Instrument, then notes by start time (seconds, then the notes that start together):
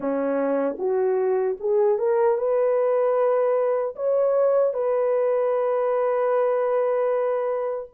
horn
0.00 C#4
0.78 F#4
1.60 G#4
1.98 A#4
2.37 B4
3.95 C#5
4.73 B4